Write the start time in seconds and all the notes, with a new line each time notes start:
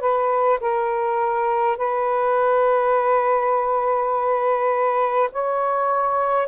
0.00 B4
0.60 A#4
1.76 B4
5.32 C#5